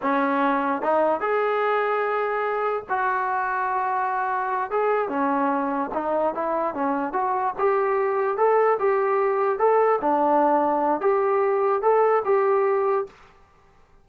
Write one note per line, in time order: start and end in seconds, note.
0.01 0.82 C#4
0.82 1.20 D#4
1.20 2.83 G#4
2.89 4.71 F#4
4.71 5.08 G#4
5.08 5.90 C#4
5.94 6.34 D#4
6.34 6.74 E4
6.74 7.13 C#4
7.13 7.53 F#4
7.58 8.37 G4
8.37 8.78 A4
8.79 9.58 G4
9.58 9.99 A4
10.01 11.00 D4
11.00 11.82 G4
11.82 12.22 A4
12.24 13.06 G4